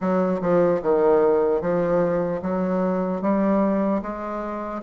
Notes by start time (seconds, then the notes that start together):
0.00 F#3
0.41 F3
0.81 D#3
1.61 F3
2.42 F#3
3.21 G3
4.02 G#3